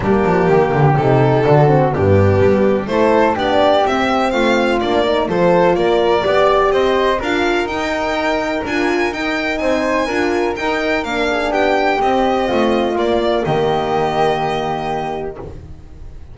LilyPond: <<
  \new Staff \with { instrumentName = "violin" } { \time 4/4 \tempo 4 = 125 g'2 a'2 | g'2 c''4 d''4 | e''4 f''4 d''4 c''4 | d''2 dis''4 f''4 |
g''2 gis''4 g''4 | gis''2 g''4 f''4 | g''4 dis''2 d''4 | dis''1 | }
  \new Staff \with { instrumentName = "flute" } { \time 4/4 d'4 g'2 fis'4 | d'2 a'4 g'4~ | g'4 f'4. ais'8 a'4 | ais'4 d''4 c''4 ais'4~ |
ais'1 | c''4 ais'2~ ais'8 gis'8 | g'2 f'2 | g'1 | }
  \new Staff \with { instrumentName = "horn" } { \time 4/4 ais2 dis'4 d'8 c'8 | b2 e'4 d'4 | c'2 d'8 dis'8 f'4~ | f'4 g'2 f'4 |
dis'2 f'4 dis'4~ | dis'4 f'4 dis'4 d'4~ | d'4 c'2 ais4~ | ais1 | }
  \new Staff \with { instrumentName = "double bass" } { \time 4/4 g8 f8 dis8 d8 c4 d4 | g,4 g4 a4 b4 | c'4 a4 ais4 f4 | ais4 b4 c'4 d'4 |
dis'2 d'4 dis'4 | c'4 d'4 dis'4 ais4 | b4 c'4 a4 ais4 | dis1 | }
>>